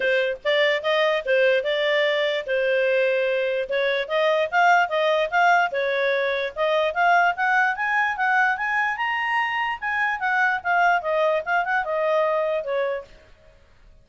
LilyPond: \new Staff \with { instrumentName = "clarinet" } { \time 4/4 \tempo 4 = 147 c''4 d''4 dis''4 c''4 | d''2 c''2~ | c''4 cis''4 dis''4 f''4 | dis''4 f''4 cis''2 |
dis''4 f''4 fis''4 gis''4 | fis''4 gis''4 ais''2 | gis''4 fis''4 f''4 dis''4 | f''8 fis''8 dis''2 cis''4 | }